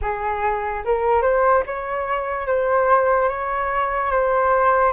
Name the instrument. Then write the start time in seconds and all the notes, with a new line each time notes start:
flute
0.01 G#4
0.84 A#4
1.21 C5
1.66 C#5
2.46 C5
3.29 C#5
4.11 C5